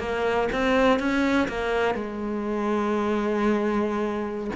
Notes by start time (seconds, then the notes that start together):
0.00 A#3
0.53 C4
1.00 C#4
1.49 A#3
1.95 G#3